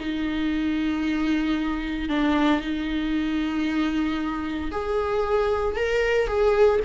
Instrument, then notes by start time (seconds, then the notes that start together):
viola
0.00 D#4
2.09 D4
2.61 D#4
4.72 G#4
5.76 A#4
6.28 G#4